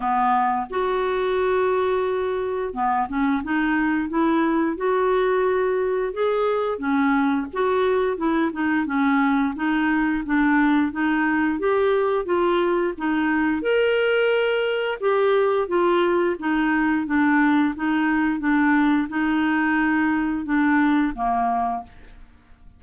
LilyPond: \new Staff \with { instrumentName = "clarinet" } { \time 4/4 \tempo 4 = 88 b4 fis'2. | b8 cis'8 dis'4 e'4 fis'4~ | fis'4 gis'4 cis'4 fis'4 | e'8 dis'8 cis'4 dis'4 d'4 |
dis'4 g'4 f'4 dis'4 | ais'2 g'4 f'4 | dis'4 d'4 dis'4 d'4 | dis'2 d'4 ais4 | }